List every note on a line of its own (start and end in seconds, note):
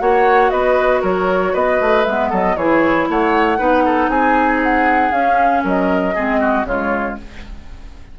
0.00 0.52 A#3
0.00 2.05 F#4
0.00 0.52 C#5
0.00 0.51 F#5
0.51 1.03 B3
0.51 1.02 B4
0.51 1.02 D#5
1.02 1.55 F#3
1.02 1.53 A#4
1.02 1.55 C#5
1.53 1.81 B3
1.53 2.30 B4
1.53 2.05 D#5
1.81 2.07 A3
2.05 2.32 G#3
2.05 2.59 B3
2.05 2.31 E5
2.30 2.56 F#3
2.30 2.56 A4
2.30 2.57 D#5
2.56 3.08 E3
2.56 3.58 E4
2.56 3.09 G#4
2.56 3.08 C#5
3.09 3.60 A3
3.09 3.59 C#5
3.09 4.10 F#5
3.58 4.09 B3
3.58 5.12 D#4
3.58 3.84 B4
3.86 4.11 A4
4.09 5.12 C4
4.09 5.64 G#4
4.09 4.62 G#5
4.64 5.12 F#5
5.12 5.64 C#4
5.12 6.15 C#4
5.12 5.63 F5
5.64 6.16 F#3
5.64 6.15 A#4
5.64 6.67 D#5
6.15 6.65 G#3
6.15 6.67 C4
6.15 6.41 G#4
6.41 6.66 F#4
6.65 7.16 C#3
6.65 7.18 G#3
6.65 7.19 F4
6.65 7.18 C#5